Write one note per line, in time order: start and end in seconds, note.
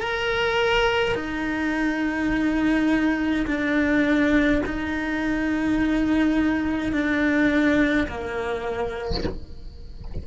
0.00 1.15 A#4
1.15 3.46 D#4
3.47 4.62 D4
4.66 6.92 D#4
6.92 8.08 D4
8.08 9.24 A#3